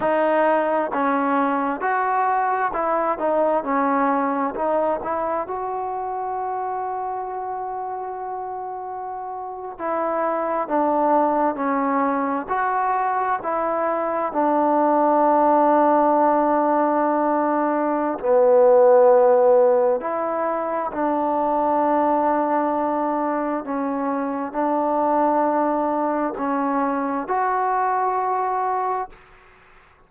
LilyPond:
\new Staff \with { instrumentName = "trombone" } { \time 4/4 \tempo 4 = 66 dis'4 cis'4 fis'4 e'8 dis'8 | cis'4 dis'8 e'8 fis'2~ | fis'2~ fis'8. e'4 d'16~ | d'8. cis'4 fis'4 e'4 d'16~ |
d'1 | b2 e'4 d'4~ | d'2 cis'4 d'4~ | d'4 cis'4 fis'2 | }